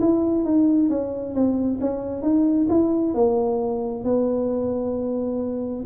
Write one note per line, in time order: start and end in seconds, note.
0.00 0.44 E4
0.44 0.89 D#4
0.89 1.34 C#4
1.34 1.79 C4
1.80 2.22 C#4
2.22 2.67 D#4
2.69 3.14 E4
3.14 4.04 A#3
4.04 5.84 B3